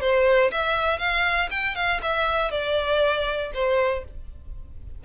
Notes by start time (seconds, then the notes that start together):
0.00 C5
0.51 E5
0.98 F5
1.50 G5
1.75 F5
2.02 E5
2.51 D5
3.53 C5